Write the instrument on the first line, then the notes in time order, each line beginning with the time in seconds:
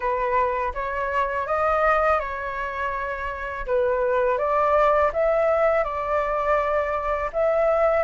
flute
0.00 B4
0.74 C#5
1.46 D#5
2.19 C#5
3.66 B4
4.38 D5
5.13 E5
5.84 D5
7.32 E5